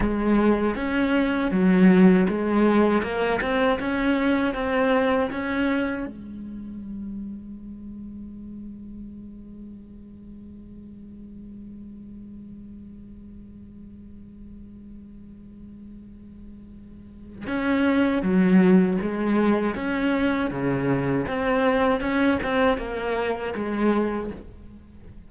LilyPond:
\new Staff \with { instrumentName = "cello" } { \time 4/4 \tempo 4 = 79 gis4 cis'4 fis4 gis4 | ais8 c'8 cis'4 c'4 cis'4 | gis1~ | gis1~ |
gis1~ | gis2. cis'4 | fis4 gis4 cis'4 cis4 | c'4 cis'8 c'8 ais4 gis4 | }